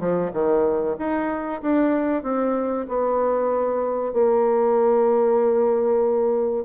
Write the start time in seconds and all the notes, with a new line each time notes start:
0.00 F3
0.33 D#3
0.99 D#4
1.62 D4
2.23 C4
2.89 B3
4.14 A#3